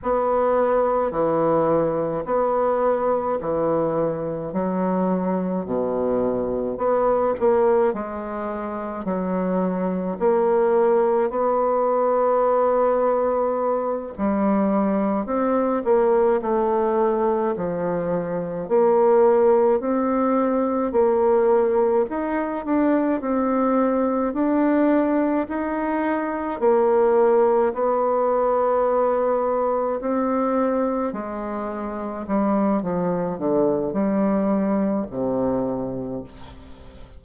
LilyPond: \new Staff \with { instrumentName = "bassoon" } { \time 4/4 \tempo 4 = 53 b4 e4 b4 e4 | fis4 b,4 b8 ais8 gis4 | fis4 ais4 b2~ | b8 g4 c'8 ais8 a4 f8~ |
f8 ais4 c'4 ais4 dis'8 | d'8 c'4 d'4 dis'4 ais8~ | ais8 b2 c'4 gis8~ | gis8 g8 f8 d8 g4 c4 | }